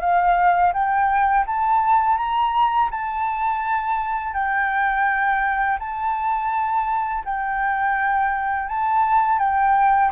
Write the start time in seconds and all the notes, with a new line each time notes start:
0.00 F5
0.73 G5
1.46 A5
2.17 A#5
2.90 A5
4.33 G5
5.79 A5
7.24 G5
8.68 A5
9.38 G5